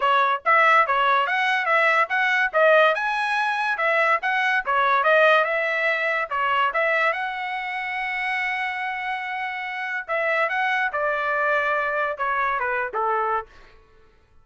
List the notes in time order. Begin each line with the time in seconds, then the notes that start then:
0.00 C#5
0.45 E5
0.86 C#5
1.26 F#5
1.65 E5
2.09 F#5
2.53 D#5
2.94 G#5
3.77 E5
4.22 F#5
4.65 C#5
5.03 D#5
5.44 E5
6.30 C#5
6.73 E5
7.13 F#5
10.07 E5
10.49 F#5
10.92 D5
12.17 C#5
12.59 B4
12.93 A4